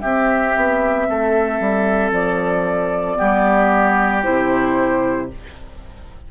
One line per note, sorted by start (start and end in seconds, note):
0.00 3.16 C4
0.00 0.56 C4
0.00 1.06 G4
0.00 2.11 E5
0.56 1.08 B3
1.09 1.60 A3
1.09 3.17 A4
1.60 2.11 G3
2.11 3.16 F3
2.11 4.23 D5
3.16 4.25 G3
3.16 4.21 B3
3.16 5.28 G4
4.23 5.31 C3
4.23 5.28 E4
4.23 5.28 C5